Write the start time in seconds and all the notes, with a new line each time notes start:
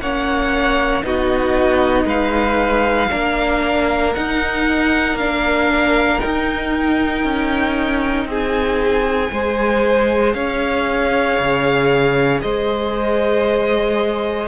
0.00 A#3 C#4 C#5 F#5
1.03 B3 D#4 F#4 D#5
2.05 G#3 B4 F5
3.10 A#3 D4 A#4
4.15 D#4 F#5
5.15 A#3 D4 F5
6.20 D#4 G5
7.24 C#4
8.26 C4 G#4
8.32 G#5
9.32 G#3 G#4 C5
10.34 C#4 C#5 F5
11.39 C#3
12.42 G#3 C5 D#5